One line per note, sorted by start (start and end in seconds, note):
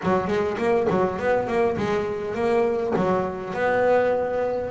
0.03 0.27 F#3
0.27 0.57 G#3
0.57 0.87 A#3
0.90 1.19 F#3
1.19 1.47 B3
1.47 1.76 A#3
1.77 2.34 G#3
2.34 2.93 A#3
2.95 3.53 F#3
3.53 4.70 B3